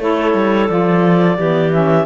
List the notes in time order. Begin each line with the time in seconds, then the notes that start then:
0.00 A3 E4 A4 C#5
0.34 G3
0.69 F3 F4 D5
1.38 E3 B3 G4
1.72 C#4 E5